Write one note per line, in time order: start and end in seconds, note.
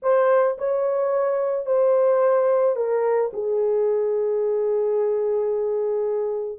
0.02 0.57 C5
0.58 1.65 C#5
1.65 2.75 C5
2.76 3.31 A#4
3.33 6.58 G#4